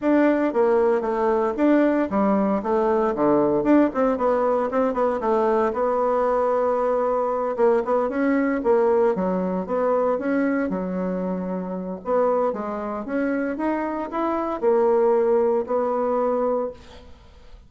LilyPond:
\new Staff \with { instrumentName = "bassoon" } { \time 4/4 \tempo 4 = 115 d'4 ais4 a4 d'4 | g4 a4 d4 d'8 c'8 | b4 c'8 b8 a4 b4~ | b2~ b8 ais8 b8 cis'8~ |
cis'8 ais4 fis4 b4 cis'8~ | cis'8 fis2~ fis8 b4 | gis4 cis'4 dis'4 e'4 | ais2 b2 | }